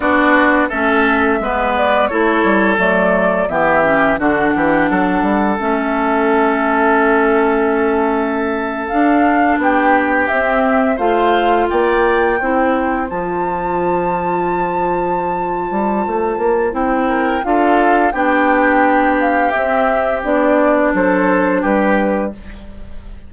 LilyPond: <<
  \new Staff \with { instrumentName = "flute" } { \time 4/4 \tempo 4 = 86 d''4 e''4. d''8 cis''4 | d''4 e''4 fis''2 | e''1~ | e''8. f''4 g''4 e''4 f''16~ |
f''8. g''2 a''4~ a''16~ | a''1 | g''4 f''4 g''4. f''8 | e''4 d''4 c''4 b'4 | }
  \new Staff \with { instrumentName = "oboe" } { \time 4/4 fis'4 a'4 b'4 a'4~ | a'4 g'4 fis'8 g'8 a'4~ | a'1~ | a'4.~ a'16 g'2 c''16~ |
c''8. d''4 c''2~ c''16~ | c''1~ | c''8 ais'8 a'4 g'2~ | g'2 a'4 g'4 | }
  \new Staff \with { instrumentName = "clarinet" } { \time 4/4 d'4 cis'4 b4 e'4 | a4 b8 cis'8 d'2 | cis'1~ | cis'8. d'2 c'4 f'16~ |
f'4.~ f'16 e'4 f'4~ f'16~ | f'1 | e'4 f'4 d'2 | c'4 d'2. | }
  \new Staff \with { instrumentName = "bassoon" } { \time 4/4 b4 a4 gis4 a8 g8 | fis4 e4 d8 e8 fis8 g8 | a1~ | a8. d'4 b4 c'4 a16~ |
a8. ais4 c'4 f4~ f16~ | f2~ f8 g8 a8 ais8 | c'4 d'4 b2 | c'4 b4 fis4 g4 | }
>>